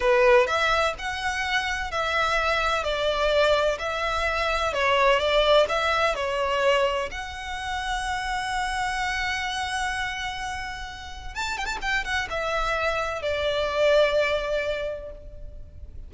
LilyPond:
\new Staff \with { instrumentName = "violin" } { \time 4/4 \tempo 4 = 127 b'4 e''4 fis''2 | e''2 d''2 | e''2 cis''4 d''4 | e''4 cis''2 fis''4~ |
fis''1~ | fis''1 | a''8 g''16 a''16 g''8 fis''8 e''2 | d''1 | }